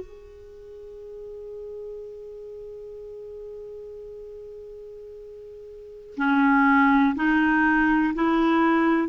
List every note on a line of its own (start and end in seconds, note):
0.00 6.15 G#4
6.16 7.14 C#4
7.15 8.14 D#4
8.15 9.08 E4